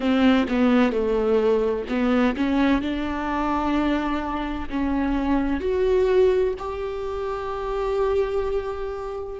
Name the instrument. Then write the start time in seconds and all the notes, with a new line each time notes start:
viola
0.00 C4
0.48 B3
0.92 A3
1.88 B3
2.36 C#4
2.81 D4
4.69 C#4
5.60 F#4
6.58 G4